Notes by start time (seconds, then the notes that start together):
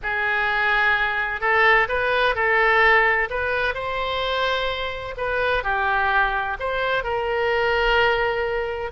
0.02 G#4
1.40 A4
1.88 B4
2.35 A4
3.29 B4
3.74 C5
5.17 B4
5.63 G4
6.59 C5
7.03 A#4